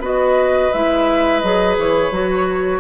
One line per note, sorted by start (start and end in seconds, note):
0.00 0.70 B3
0.00 0.72 F#4
0.00 2.80 B4
0.00 0.73 D#5
0.73 1.43 G#3
0.73 1.44 E4
0.73 1.40 E5
1.40 1.78 F#3
1.40 2.12 G#4
1.40 1.75 D#5
1.78 2.12 E3
1.78 2.80 C#5
2.12 2.80 F#3
2.12 2.80 F#4